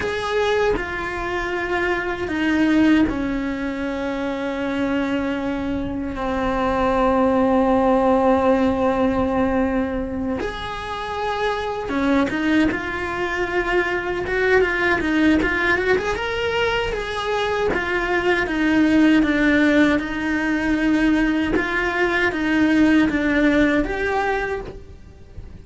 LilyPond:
\new Staff \with { instrumentName = "cello" } { \time 4/4 \tempo 4 = 78 gis'4 f'2 dis'4 | cis'1 | c'1~ | c'4. gis'2 cis'8 |
dis'8 f'2 fis'8 f'8 dis'8 | f'8 fis'16 gis'16 ais'4 gis'4 f'4 | dis'4 d'4 dis'2 | f'4 dis'4 d'4 g'4 | }